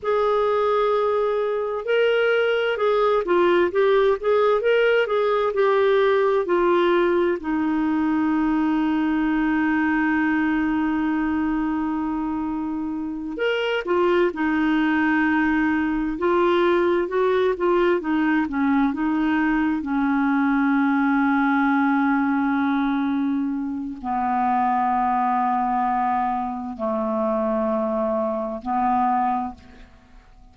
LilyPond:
\new Staff \with { instrumentName = "clarinet" } { \time 4/4 \tempo 4 = 65 gis'2 ais'4 gis'8 f'8 | g'8 gis'8 ais'8 gis'8 g'4 f'4 | dis'1~ | dis'2~ dis'8 ais'8 f'8 dis'8~ |
dis'4. f'4 fis'8 f'8 dis'8 | cis'8 dis'4 cis'2~ cis'8~ | cis'2 b2~ | b4 a2 b4 | }